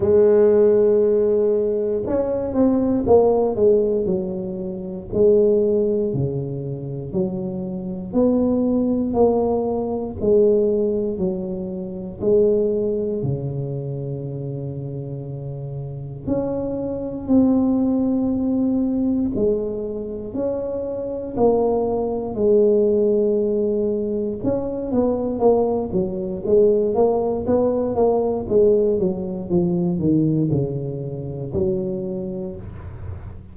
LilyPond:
\new Staff \with { instrumentName = "tuba" } { \time 4/4 \tempo 4 = 59 gis2 cis'8 c'8 ais8 gis8 | fis4 gis4 cis4 fis4 | b4 ais4 gis4 fis4 | gis4 cis2. |
cis'4 c'2 gis4 | cis'4 ais4 gis2 | cis'8 b8 ais8 fis8 gis8 ais8 b8 ais8 | gis8 fis8 f8 dis8 cis4 fis4 | }